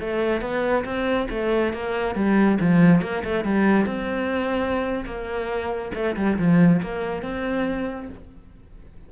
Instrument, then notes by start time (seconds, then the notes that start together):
cello
0.00 A3
0.41 B3
0.85 C4
1.30 A3
1.73 A#3
2.15 G3
2.60 F3
3.01 A#3
3.24 A3
3.45 G3
3.86 C4
5.05 A#3
5.94 A3
6.16 G3
6.38 F3
6.82 A#3
7.22 C4